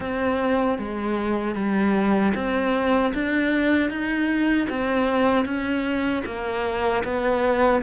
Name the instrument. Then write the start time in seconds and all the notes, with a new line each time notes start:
cello
0.00 C4
0.78 G#3
1.55 G3
2.34 C4
3.14 D4
3.90 D#4
4.69 C4
5.45 C#4
6.26 A#3
7.03 B3